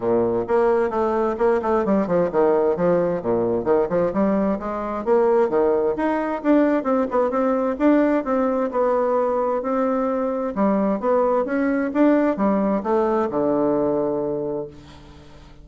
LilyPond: \new Staff \with { instrumentName = "bassoon" } { \time 4/4 \tempo 4 = 131 ais,4 ais4 a4 ais8 a8 | g8 f8 dis4 f4 ais,4 | dis8 f8 g4 gis4 ais4 | dis4 dis'4 d'4 c'8 b8 |
c'4 d'4 c'4 b4~ | b4 c'2 g4 | b4 cis'4 d'4 g4 | a4 d2. | }